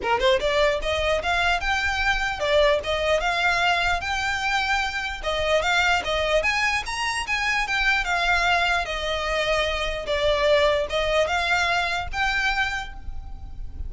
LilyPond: \new Staff \with { instrumentName = "violin" } { \time 4/4 \tempo 4 = 149 ais'8 c''8 d''4 dis''4 f''4 | g''2 d''4 dis''4 | f''2 g''2~ | g''4 dis''4 f''4 dis''4 |
gis''4 ais''4 gis''4 g''4 | f''2 dis''2~ | dis''4 d''2 dis''4 | f''2 g''2 | }